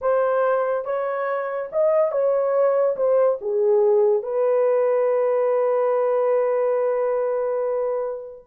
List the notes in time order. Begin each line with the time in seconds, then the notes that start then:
0.01 C5
0.85 C#5
1.72 D#5
2.11 C#5
2.96 C5
3.41 G#4
4.22 B4